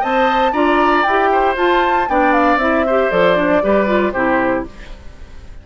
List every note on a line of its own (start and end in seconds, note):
0.00 0.52 C4
0.00 0.53 C5
0.00 0.51 D#5
0.00 0.53 A5
0.52 1.03 D4
0.52 1.05 F4
0.52 1.29 D5
0.52 1.02 A#5
1.02 1.56 E4
1.02 1.56 G4
1.02 1.54 G5
1.32 2.09 C5
1.56 2.07 F4
1.56 2.08 A5
2.08 2.56 B3
2.08 2.59 D4
2.08 2.86 D5
2.08 2.32 G5
2.32 2.58 F5
2.56 3.07 C4
2.56 2.85 E4
2.56 3.10 E5
2.86 3.11 G4
2.86 3.62 C5
3.10 3.62 F3
3.10 3.35 A4
3.10 4.12 D5
3.35 3.61 D4
3.62 4.13 G3
3.62 3.86 G4
3.62 4.13 B4
3.86 4.12 F4
4.12 4.64 C3
4.12 4.66 E4
4.12 4.64 G4
4.12 4.63 C5